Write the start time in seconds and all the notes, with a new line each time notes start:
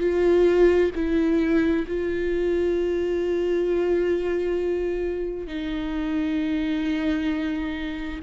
0.00 F4
0.95 E4
1.88 F4
5.48 D#4